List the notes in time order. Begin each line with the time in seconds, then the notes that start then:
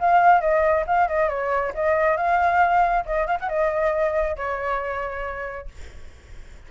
0.00 F5
0.41 D#5
0.87 F5
1.08 D#5
1.29 C#5
1.75 D#5
2.17 F5
3.06 D#5
3.27 F5
3.40 F#5
3.49 D#5
4.37 C#5